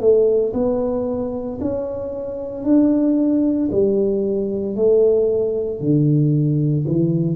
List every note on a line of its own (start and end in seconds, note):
0.00 0.53 A3
0.54 1.59 B3
1.61 2.64 C#4
2.64 3.69 D4
3.71 4.76 G3
4.76 5.80 A3
5.80 6.85 D3
6.87 7.36 E3